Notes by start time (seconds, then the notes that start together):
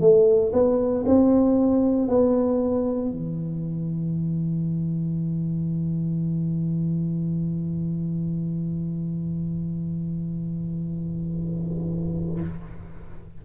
0.00 A3
0.52 B3
1.06 C4
2.07 B3
3.10 E3